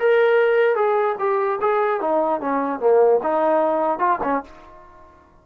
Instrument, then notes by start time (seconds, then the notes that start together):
trombone
0.00 A#4
0.76 G#4
1.20 G4
1.61 G#4
2.01 D#4
2.41 C#4
2.80 A#3
3.23 D#4
3.99 F4
4.24 C#4